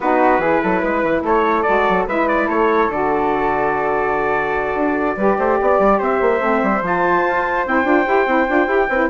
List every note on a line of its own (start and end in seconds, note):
0.00 0.38 B3
0.00 0.40 D#4
0.00 0.40 F#4
0.00 1.24 B4
0.38 0.59 E3
0.38 1.64 E4
0.38 0.61 G#4
0.62 0.83 F#3
0.62 0.80 A4
0.80 1.03 G#3
0.80 1.21 B4
1.03 1.22 E3
1.22 1.63 A3
1.22 2.07 A4
1.22 1.62 C#5
1.62 2.07 F#4
1.62 2.04 D5
1.68 1.88 G#3
1.88 2.07 F#3
2.07 2.48 G#3
2.07 2.90 E4
2.07 2.47 B4
2.07 2.28 E5
2.28 2.48 D5
2.47 2.88 A3
2.47 5.16 A4
2.47 2.90 C#5
2.88 4.74 D3
2.88 5.17 F#4
2.88 6.02 D5
4.74 5.16 D4
5.16 5.37 G3
5.16 6.40 G4
5.16 5.37 B4
5.38 5.59 A3
5.38 5.59 C5
5.61 5.79 B3
5.61 5.98 D5
5.79 5.99 G3
5.98 6.21 C4
5.98 8.87 C5
5.98 6.85 E5
6.21 6.40 A#3
6.40 6.61 A3
6.40 6.81 C4
6.62 6.81 G3
6.81 7.23 F3
6.81 7.65 F4
6.81 7.67 A5
7.28 7.66 F4
7.65 7.84 C4
7.65 7.84 E4
7.65 9.10 G5
7.84 8.05 D4
7.84 8.05 F4
8.06 8.26 E4
8.06 8.26 G4
8.26 8.47 C4
8.26 8.47 E4
8.47 8.67 D4
8.47 8.66 F4
8.66 8.87 E4
8.66 8.87 G4
8.88 9.09 C4
8.88 9.10 E4
8.88 9.09 B4